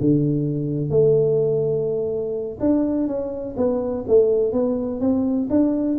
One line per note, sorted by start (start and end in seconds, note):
0.00 0.90 D3
0.90 2.58 A3
2.60 3.07 D4
3.07 3.55 C#4
3.57 4.05 B3
4.07 4.52 A3
4.52 5.00 B3
5.00 5.48 C4
5.49 5.97 D4